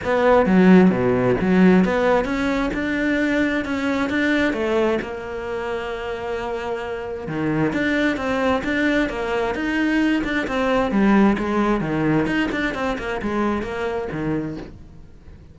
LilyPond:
\new Staff \with { instrumentName = "cello" } { \time 4/4 \tempo 4 = 132 b4 fis4 b,4 fis4 | b4 cis'4 d'2 | cis'4 d'4 a4 ais4~ | ais1 |
dis4 d'4 c'4 d'4 | ais4 dis'4. d'8 c'4 | g4 gis4 dis4 dis'8 d'8 | c'8 ais8 gis4 ais4 dis4 | }